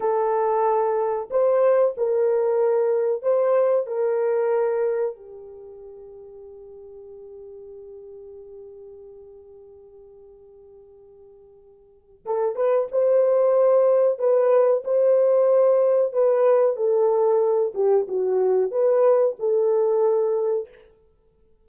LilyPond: \new Staff \with { instrumentName = "horn" } { \time 4/4 \tempo 4 = 93 a'2 c''4 ais'4~ | ais'4 c''4 ais'2 | g'1~ | g'1~ |
g'2. a'8 b'8 | c''2 b'4 c''4~ | c''4 b'4 a'4. g'8 | fis'4 b'4 a'2 | }